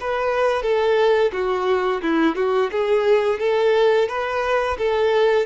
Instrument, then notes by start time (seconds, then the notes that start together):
violin
0.00 B4
0.62 A4
1.32 F#4
2.02 E4
2.35 F#4
2.71 G#4
3.39 A4
4.08 B4
4.78 A4